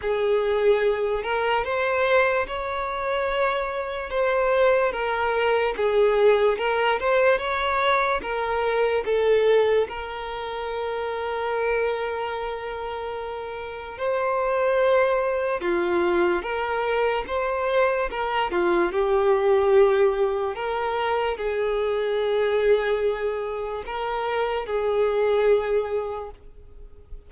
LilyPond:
\new Staff \with { instrumentName = "violin" } { \time 4/4 \tempo 4 = 73 gis'4. ais'8 c''4 cis''4~ | cis''4 c''4 ais'4 gis'4 | ais'8 c''8 cis''4 ais'4 a'4 | ais'1~ |
ais'4 c''2 f'4 | ais'4 c''4 ais'8 f'8 g'4~ | g'4 ais'4 gis'2~ | gis'4 ais'4 gis'2 | }